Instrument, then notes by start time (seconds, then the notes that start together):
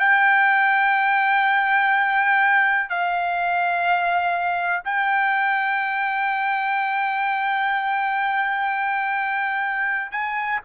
trumpet
0.00 G5
2.90 F5
4.85 G5
10.12 G#5